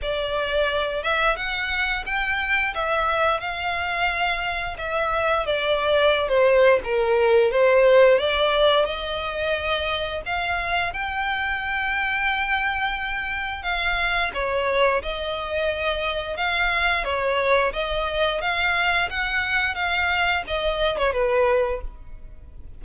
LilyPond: \new Staff \with { instrumentName = "violin" } { \time 4/4 \tempo 4 = 88 d''4. e''8 fis''4 g''4 | e''4 f''2 e''4 | d''4~ d''16 c''8. ais'4 c''4 | d''4 dis''2 f''4 |
g''1 | f''4 cis''4 dis''2 | f''4 cis''4 dis''4 f''4 | fis''4 f''4 dis''8. cis''16 b'4 | }